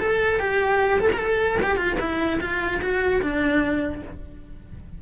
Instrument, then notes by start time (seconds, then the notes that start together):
cello
0.00 A4
0.40 G4
1.01 A4
1.14 A4 A#4
1.63 G4
1.77 F4
2.00 E4
2.41 F4
2.82 F#4
3.23 D4